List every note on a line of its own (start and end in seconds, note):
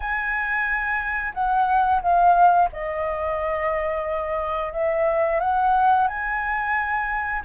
0.00 1.33 G#5
1.34 2.01 F#5
2.02 2.69 F5
2.72 4.73 D#5
4.73 5.40 E5
5.40 6.07 F#5
6.07 7.42 G#5